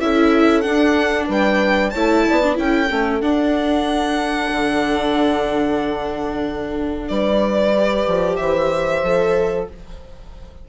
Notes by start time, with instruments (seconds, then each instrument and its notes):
0.00 bassoon C#4, viola E4, horn A4, violin E5
0.61 viola D4, bassoon D4, violin F#5
1.27 bassoon G3, horn B4, violin G5
1.90 bassoon A3, viola E4, horn C#5, violin A5
2.26 bassoon B3, horn D5
2.43 viola D4
2.55 bassoon C#4, viola E4, horn A4, violin G5
2.90 bassoon A3, viola C#4
3.21 viola D4, bassoon D4, violin F#5
4.52 bassoon D3
7.08 bassoon G3, horn B4, violin D5
7.77 viola G4
8.07 bassoon F3
8.36 bassoon E3, horn C5, violin E5
9.03 bassoon F3, viola A4